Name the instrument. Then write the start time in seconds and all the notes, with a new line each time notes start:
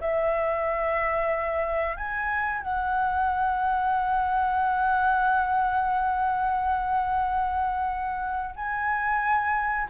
flute
0.00 E5
1.96 G#5
2.61 F#5
8.56 G#5